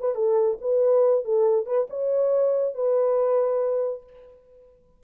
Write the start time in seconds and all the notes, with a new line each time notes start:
0.00 B4
0.15 A4
0.61 B4
1.25 A4
1.66 B4
1.90 C#5
2.75 B4